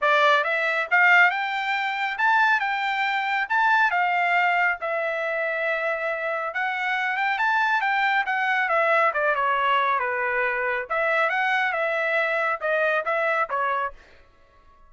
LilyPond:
\new Staff \with { instrumentName = "trumpet" } { \time 4/4 \tempo 4 = 138 d''4 e''4 f''4 g''4~ | g''4 a''4 g''2 | a''4 f''2 e''4~ | e''2. fis''4~ |
fis''8 g''8 a''4 g''4 fis''4 | e''4 d''8 cis''4. b'4~ | b'4 e''4 fis''4 e''4~ | e''4 dis''4 e''4 cis''4 | }